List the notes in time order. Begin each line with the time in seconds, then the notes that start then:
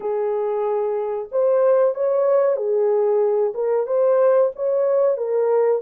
0.00 G#4
1.31 C5
1.94 C#5
2.56 G#4
3.54 A#4
3.86 C5
4.55 C#5
5.17 A#4